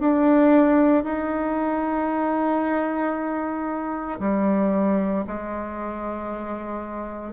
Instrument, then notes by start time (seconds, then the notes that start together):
bassoon
0.00 D4
1.04 D#4
4.20 G3
5.27 G#3